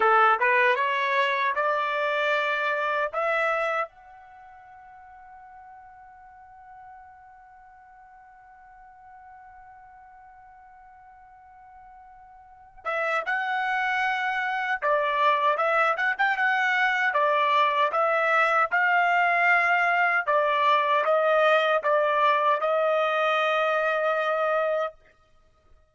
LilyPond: \new Staff \with { instrumentName = "trumpet" } { \time 4/4 \tempo 4 = 77 a'8 b'8 cis''4 d''2 | e''4 fis''2.~ | fis''1~ | fis''1~ |
fis''8 e''8 fis''2 d''4 | e''8 fis''16 g''16 fis''4 d''4 e''4 | f''2 d''4 dis''4 | d''4 dis''2. | }